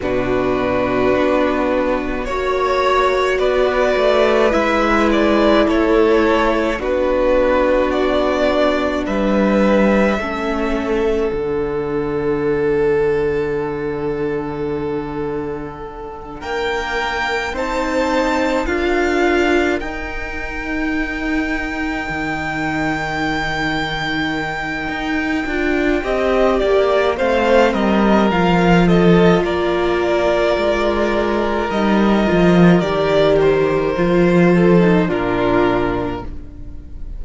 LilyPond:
<<
  \new Staff \with { instrumentName = "violin" } { \time 4/4 \tempo 4 = 53 b'2 cis''4 d''4 | e''8 d''8 cis''4 b'4 d''4 | e''2 fis''2~ | fis''2~ fis''8 g''4 a''8~ |
a''8 f''4 g''2~ g''8~ | g''1 | f''8 dis''8 f''8 dis''8 d''2 | dis''4 d''8 c''4. ais'4 | }
  \new Staff \with { instrumentName = "violin" } { \time 4/4 fis'2 cis''4 b'4~ | b'4 a'4 fis'2 | b'4 a'2.~ | a'2~ a'8 ais'4 c''8~ |
c''8 ais'2.~ ais'8~ | ais'2. dis''8 d''8 | c''8 ais'4 a'8 ais'2~ | ais'2~ ais'8 a'8 f'4 | }
  \new Staff \with { instrumentName = "viola" } { \time 4/4 d'2 fis'2 | e'2 d'2~ | d'4 cis'4 d'2~ | d'2.~ d'8 dis'8~ |
dis'8 f'4 dis'2~ dis'8~ | dis'2~ dis'8 f'8 g'4 | c'4 f'2. | dis'8 f'8 g'4 f'8. dis'16 d'4 | }
  \new Staff \with { instrumentName = "cello" } { \time 4/4 b,4 b4 ais4 b8 a8 | gis4 a4 b2 | g4 a4 d2~ | d2~ d8 ais4 c'8~ |
c'8 d'4 dis'2 dis8~ | dis2 dis'8 d'8 c'8 ais8 | a8 g8 f4 ais4 gis4 | g8 f8 dis4 f4 ais,4 | }
>>